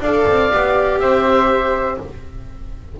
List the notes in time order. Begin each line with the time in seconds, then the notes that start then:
0.00 D4 A4 D5 F5
0.27 C4
0.53 B3 G4
0.99 C4 C5 E5